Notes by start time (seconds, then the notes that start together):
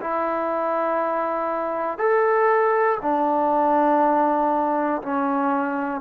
0.00 E4
1.98 A4
3.02 D4
5.02 C#4